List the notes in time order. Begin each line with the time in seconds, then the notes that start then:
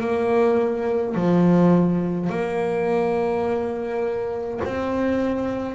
0.00 A#3
1.14 F3
2.29 A#3
4.64 C4